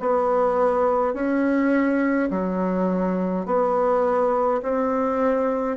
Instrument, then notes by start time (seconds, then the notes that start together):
bassoon
0.00 B3
1.14 C#4
2.31 F#3
3.46 B3
4.63 C4